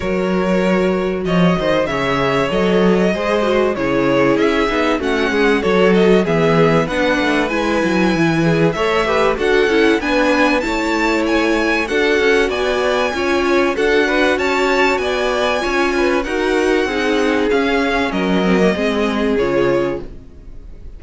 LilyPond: <<
  \new Staff \with { instrumentName = "violin" } { \time 4/4 \tempo 4 = 96 cis''2 dis''4 e''4 | dis''2 cis''4 e''4 | fis''4 cis''8 dis''8 e''4 fis''4 | gis''2 e''4 fis''4 |
gis''4 a''4 gis''4 fis''4 | gis''2 fis''4 a''4 | gis''2 fis''2 | f''4 dis''2 cis''4 | }
  \new Staff \with { instrumentName = "violin" } { \time 4/4 ais'2 cis''8 c''8 cis''4~ | cis''4 c''4 gis'2 | fis'8 gis'8 a'4 gis'4 b'4~ | b'4. gis'8 cis''8 b'8 a'4 |
b'4 cis''2 a'4 | d''4 cis''4 a'8 b'8 cis''4 | d''4 cis''8 b'8 ais'4 gis'4~ | gis'4 ais'4 gis'2 | }
  \new Staff \with { instrumentName = "viola" } { \time 4/4 fis'2. gis'4 | a'4 gis'8 fis'8 e'4. dis'8 | cis'4 fis'4 b4 d'4 | e'2 a'8 g'8 fis'8 e'8 |
d'4 e'2 fis'4~ | fis'4 f'4 fis'2~ | fis'4 f'4 fis'4 dis'4 | cis'4. c'16 ais16 c'4 f'4 | }
  \new Staff \with { instrumentName = "cello" } { \time 4/4 fis2 f8 dis8 cis4 | fis4 gis4 cis4 cis'8 b8 | a8 gis8 fis4 e4 b8 a8 | gis8 fis8 e4 a4 d'8 cis'8 |
b4 a2 d'8 cis'8 | b4 cis'4 d'4 cis'4 | b4 cis'4 dis'4 c'4 | cis'4 fis4 gis4 cis4 | }
>>